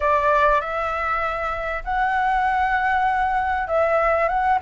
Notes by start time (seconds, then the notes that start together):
0.00 D5
0.60 E5
1.84 F#5
3.67 E5
4.28 F#5